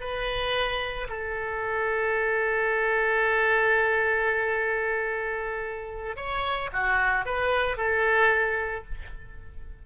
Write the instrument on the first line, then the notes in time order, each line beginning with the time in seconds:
oboe
0.00 B4
1.09 A4
6.16 C#5
6.73 F#4
7.25 B4
7.77 A4